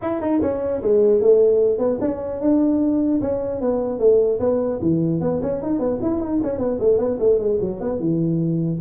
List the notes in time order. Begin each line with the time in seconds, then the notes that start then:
0.01 E4
0.21 D#4
0.41 C#4
0.81 G#3
1.20 A3
1.78 B3
2.01 C#4
2.40 D4
3.21 C#4
3.60 B3
3.99 A3
4.39 B3
4.81 E3
5.20 B3
5.41 C#4
5.61 D#4
5.79 B3
6.01 E4
6.20 D#4
6.43 C#4
6.58 B3
6.79 A3
6.97 B3
7.19 A3
7.38 G#3
7.60 F#3
7.80 B3
7.99 E3